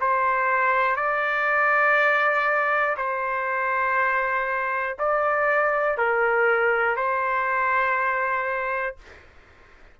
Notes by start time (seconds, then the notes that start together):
0.00 C5
0.96 D5
2.96 C5
4.98 D5
5.98 A#4
6.96 C5